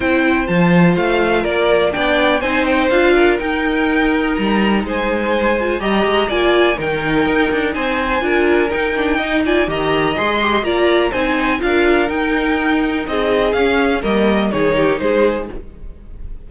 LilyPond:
<<
  \new Staff \with { instrumentName = "violin" } { \time 4/4 \tempo 4 = 124 g''4 a''4 f''4 d''4 | g''4 gis''8 g''8 f''4 g''4~ | g''4 ais''4 gis''2 | ais''4 gis''4 g''2 |
gis''2 g''4. gis''8 | ais''4 c'''4 ais''4 gis''4 | f''4 g''2 dis''4 | f''4 dis''4 cis''4 c''4 | }
  \new Staff \with { instrumentName = "violin" } { \time 4/4 c''2. ais'4 | d''4 c''4. ais'4.~ | ais'2 c''2 | dis''4 d''4 ais'2 |
c''4 ais'2 dis''8 d''8 | dis''2 d''4 c''4 | ais'2. gis'4~ | gis'4 ais'4 gis'8 g'8 gis'4 | }
  \new Staff \with { instrumentName = "viola" } { \time 4/4 e'4 f'2. | d'4 dis'4 f'4 dis'4~ | dis'2.~ dis'8 f'8 | g'4 f'4 dis'2~ |
dis'4 f'4 dis'8 d'8 dis'8 f'8 | g'4 gis'8 g'8 f'4 dis'4 | f'4 dis'2. | cis'4 ais4 dis'2 | }
  \new Staff \with { instrumentName = "cello" } { \time 4/4 c'4 f4 a4 ais4 | b4 c'4 d'4 dis'4~ | dis'4 g4 gis2 | g8 gis8 ais4 dis4 dis'8 d'8 |
c'4 d'4 dis'2 | dis4 gis4 ais4 c'4 | d'4 dis'2 c'4 | cis'4 g4 dis4 gis4 | }
>>